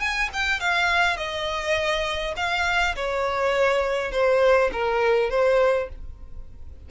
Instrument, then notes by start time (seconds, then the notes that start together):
violin
0.00 G#5
0.33 G5
0.60 F5
1.17 D#5
2.36 F5
2.96 C#5
4.11 C5
4.72 A#4
5.30 C5